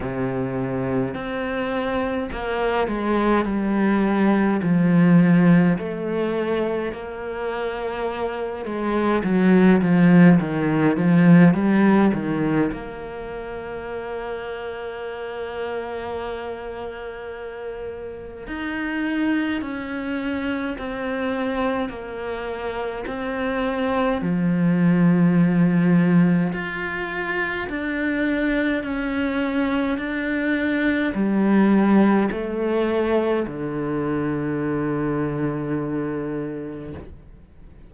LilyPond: \new Staff \with { instrumentName = "cello" } { \time 4/4 \tempo 4 = 52 c4 c'4 ais8 gis8 g4 | f4 a4 ais4. gis8 | fis8 f8 dis8 f8 g8 dis8 ais4~ | ais1 |
dis'4 cis'4 c'4 ais4 | c'4 f2 f'4 | d'4 cis'4 d'4 g4 | a4 d2. | }